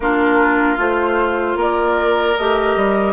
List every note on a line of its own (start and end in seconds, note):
0.00 0.77 A#3
0.00 0.77 D4
0.00 1.57 F4
0.00 0.79 A#4
0.77 1.55 A3
0.77 2.35 F4
0.77 1.58 C5
1.55 2.34 A#3
1.55 3.12 A#4
1.55 2.36 D5
2.36 2.76 A3
2.36 3.12 G4
2.36 3.12 D#5
2.76 3.12 G3